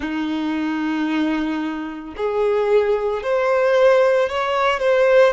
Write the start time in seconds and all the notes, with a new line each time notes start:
0.00 D#4
2.16 G#4
3.22 C5
4.29 C#5
4.79 C5